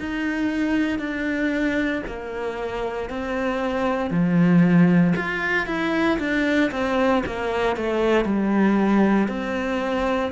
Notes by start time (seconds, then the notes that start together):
0.00 D#4
0.99 D4
2.07 A#3
3.10 C4
4.11 F3
5.16 F4
5.67 E4
6.20 D4
6.72 C4
7.26 A#3
7.77 A3
8.26 G3
9.29 C4